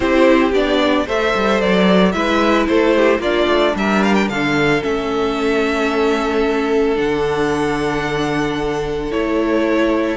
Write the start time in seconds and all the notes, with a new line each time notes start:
0.00 C4 E4 G4 C5
0.52 B3 D4 D5
1.05 A3 A4 C5 E5
1.34 G3
1.60 F#3 D5
2.12 G#3 E4 B4 E5
2.67 A3 A4 C5
2.96 G4
3.19 A#3 D4 F4 D5
3.47 A3
3.75 G3 A#4 E5
4.03 F5
4.14 G5
4.28 D3 A4 F5
4.81 A3 C#4 E5
6.95 D3 D4 F#5
9.10 A3 E4 C#5